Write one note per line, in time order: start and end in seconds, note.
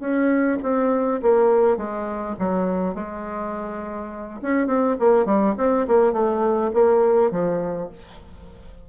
0.00 0.58 C#4
0.63 1.21 C4
1.23 1.77 A#3
1.77 2.36 G#3
2.39 2.95 F#3
2.95 4.40 G#3
4.42 4.67 C#4
4.67 4.96 C4
5.00 5.26 A#3
5.26 5.55 G3
5.58 5.87 C4
5.88 6.13 A#3
6.13 6.71 A3
6.74 7.31 A#3
7.31 7.90 F3